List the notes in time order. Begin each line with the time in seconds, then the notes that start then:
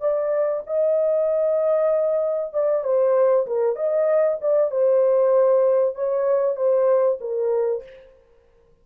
0.00 D5
0.66 D#5
2.53 D5
2.83 C5
3.46 A#4
3.75 D#5
4.41 D5
4.70 C5
5.95 C#5
6.56 C5
7.20 A#4